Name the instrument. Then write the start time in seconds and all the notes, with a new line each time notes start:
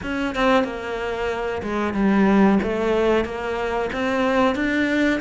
cello
0.02 C#4
0.35 C4
0.64 A#3
1.62 G#3
1.93 G3
2.62 A3
3.24 A#3
3.92 C4
4.55 D4